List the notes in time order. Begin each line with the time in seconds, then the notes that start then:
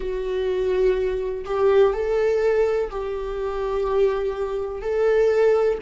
0.00 F#4
1.45 G4
1.93 A4
2.90 G4
4.81 A4